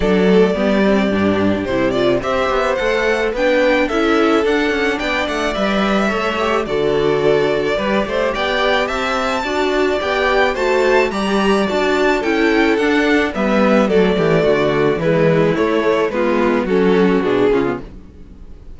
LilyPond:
<<
  \new Staff \with { instrumentName = "violin" } { \time 4/4 \tempo 4 = 108 d''2. c''8 d''8 | e''4 fis''4 g''4 e''4 | fis''4 g''8 fis''8 e''2 | d''2. g''4 |
a''2 g''4 a''4 | ais''4 a''4 g''4 fis''4 | e''4 d''2 b'4 | cis''4 b'4 a'4 gis'4 | }
  \new Staff \with { instrumentName = "violin" } { \time 4/4 a'4 g'2. | c''2 b'4 a'4~ | a'4 d''2 cis''4 | a'2 b'8 c''8 d''4 |
e''4 d''2 c''4 | d''2 a'2 | b'4 a'8 g'8 fis'4 e'4~ | e'4 f'4 fis'4. f'8 | }
  \new Staff \with { instrumentName = "viola" } { \time 4/4 d'8 a8 b8 c'8 d'4 e'8 f'8 | g'4 a'4 d'4 e'4 | d'2 b'4 a'8 g'8 | fis'2 g'2~ |
g'4 fis'4 g'4 fis'4 | g'4 fis'4 e'4 d'4 | b4 a2 gis4 | a4 b4 cis'4 d'8 cis'16 b16 | }
  \new Staff \with { instrumentName = "cello" } { \time 4/4 fis4 g4 g,4 c4 | c'8 b8 a4 b4 cis'4 | d'8 cis'8 b8 a8 g4 a4 | d2 g8 a8 b4 |
c'4 d'4 b4 a4 | g4 d'4 cis'4 d'4 | g4 fis8 e8 d4 e4 | a4 gis4 fis4 b,8 cis8 | }
>>